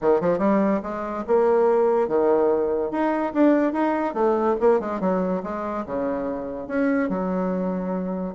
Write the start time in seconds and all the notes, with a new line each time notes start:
0.01 D#3
0.20 F3
0.38 G3
0.82 G#3
1.27 A#3
2.08 D#3
2.91 D#4
3.33 D4
3.73 D#4
4.13 A3
4.60 A#3
4.80 G#3
5.00 F#3
5.43 G#3
5.85 C#3
6.67 C#4
7.09 F#3